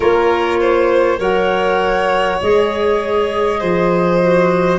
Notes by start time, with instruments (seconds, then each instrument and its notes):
0.00 tuba A#3, clarinet F4, violin A#4, flute C#5
0.60 violin C5
1.17 tuba F#3, clarinet A#4, violin C#5, flute F#5
2.42 tuba G#3, clarinet G#4, flute D#5
3.59 tuba F3, violin C5
4.22 clarinet F#4